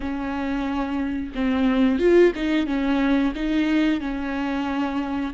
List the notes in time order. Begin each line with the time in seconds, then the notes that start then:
0.00 C#4
1.34 C4
1.98 F4
2.35 D#4
2.66 C#4
3.35 D#4
4.00 C#4